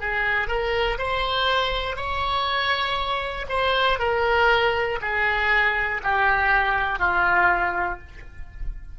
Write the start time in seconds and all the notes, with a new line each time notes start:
0.00 G#4
0.48 A#4
0.98 C5
1.96 C#5
3.50 C5
4.00 A#4
5.01 G#4
6.04 G4
7.00 F4